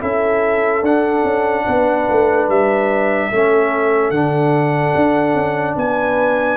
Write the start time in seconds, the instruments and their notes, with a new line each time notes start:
0.00 tuba C#4, trombone E4, horn A4, trumpet E5
0.82 tuba D4, trombone D4, trumpet F#5
1.24 tuba C#4
1.66 tuba B3, horn B4
2.10 tuba A3
2.48 tuba G3, trumpet E5
3.32 tuba A3, trombone C#4, horn A4
4.10 tuba D3, trombone D4, trumpet F#5
4.96 tuba D4
5.34 tuba C#4
5.76 tuba B3, horn B4, trumpet G#5